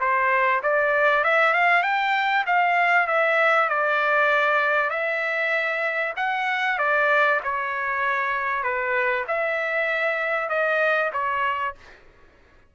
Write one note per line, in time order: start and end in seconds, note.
0.00 0.62 C5
0.63 1.24 D5
1.24 1.54 E5
1.54 1.83 F5
1.83 2.45 G5
2.46 3.07 F5
3.07 3.69 E5
3.69 4.90 D5
4.90 6.14 E5
6.17 6.78 F#5
6.78 7.40 D5
7.44 8.63 C#5
8.63 9.25 B4
9.28 10.49 E5
10.49 11.11 D#5
11.13 11.75 C#5